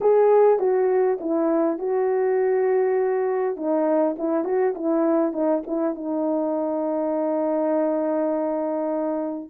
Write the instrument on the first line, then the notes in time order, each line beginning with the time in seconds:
horn
0.00 G#4
0.59 F#4
1.20 E4
1.78 F#4
3.56 D#4
4.18 E4
4.44 F#4
4.74 E4
5.32 D#4
5.67 E4
5.94 D#4